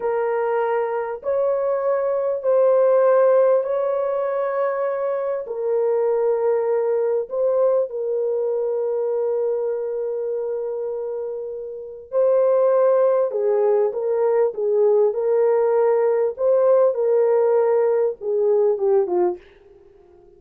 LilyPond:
\new Staff \with { instrumentName = "horn" } { \time 4/4 \tempo 4 = 99 ais'2 cis''2 | c''2 cis''2~ | cis''4 ais'2. | c''4 ais'2.~ |
ais'1 | c''2 gis'4 ais'4 | gis'4 ais'2 c''4 | ais'2 gis'4 g'8 f'8 | }